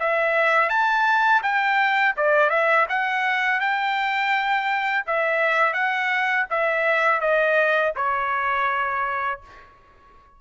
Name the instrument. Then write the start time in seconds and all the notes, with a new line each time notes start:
trumpet
0.00 E5
0.69 A5
1.43 G5
2.17 D5
2.50 E5
2.89 F#5
3.60 G5
5.07 E5
5.74 F#5
6.50 E5
7.21 D#5
7.96 C#5